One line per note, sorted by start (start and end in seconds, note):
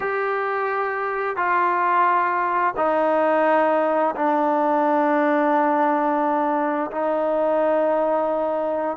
0.00 1.36 G4
1.36 2.74 F4
2.76 4.14 D#4
4.15 6.91 D4
6.91 8.97 D#4